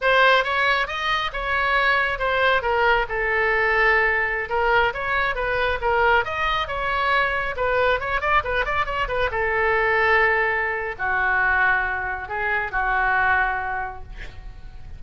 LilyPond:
\new Staff \with { instrumentName = "oboe" } { \time 4/4 \tempo 4 = 137 c''4 cis''4 dis''4 cis''4~ | cis''4 c''4 ais'4 a'4~ | a'2~ a'16 ais'4 cis''8.~ | cis''16 b'4 ais'4 dis''4 cis''8.~ |
cis''4~ cis''16 b'4 cis''8 d''8 b'8 d''16~ | d''16 cis''8 b'8 a'2~ a'8.~ | a'4 fis'2. | gis'4 fis'2. | }